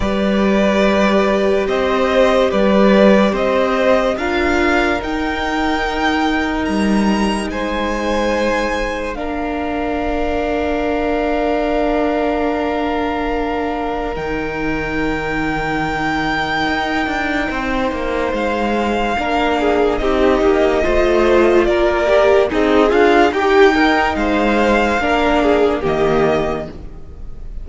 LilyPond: <<
  \new Staff \with { instrumentName = "violin" } { \time 4/4 \tempo 4 = 72 d''2 dis''4 d''4 | dis''4 f''4 g''2 | ais''4 gis''2 f''4~ | f''1~ |
f''4 g''2.~ | g''2 f''2 | dis''2 d''4 dis''8 f''8 | g''4 f''2 dis''4 | }
  \new Staff \with { instrumentName = "violin" } { \time 4/4 b'2 c''4 b'4 | c''4 ais'2.~ | ais'4 c''2 ais'4~ | ais'1~ |
ais'1~ | ais'4 c''2 ais'8 gis'8 | g'4 c''4 ais'4 dis'8 f'8 | g'8 ais'8 c''4 ais'8 gis'8 g'4 | }
  \new Staff \with { instrumentName = "viola" } { \time 4/4 g'1~ | g'4 f'4 dis'2~ | dis'2. d'4~ | d'1~ |
d'4 dis'2.~ | dis'2. d'4 | dis'4 f'4. g'8 gis'4 | g'8 dis'4. d'4 ais4 | }
  \new Staff \with { instrumentName = "cello" } { \time 4/4 g2 c'4 g4 | c'4 d'4 dis'2 | g4 gis2 ais4~ | ais1~ |
ais4 dis2. | dis'8 d'8 c'8 ais8 gis4 ais4 | c'8 ais8 a4 ais4 c'8 d'8 | dis'4 gis4 ais4 dis4 | }
>>